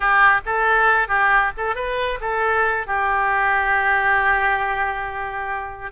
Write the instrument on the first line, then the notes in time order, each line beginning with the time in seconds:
oboe
0.00 G4
0.45 A4
1.07 G4
1.57 A4
1.75 B4
2.21 A4
2.87 G4